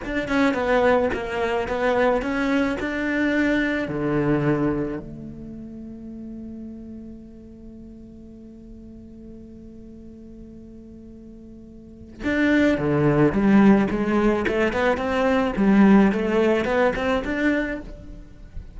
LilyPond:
\new Staff \with { instrumentName = "cello" } { \time 4/4 \tempo 4 = 108 d'8 cis'8 b4 ais4 b4 | cis'4 d'2 d4~ | d4 a2.~ | a1~ |
a1~ | a2 d'4 d4 | g4 gis4 a8 b8 c'4 | g4 a4 b8 c'8 d'4 | }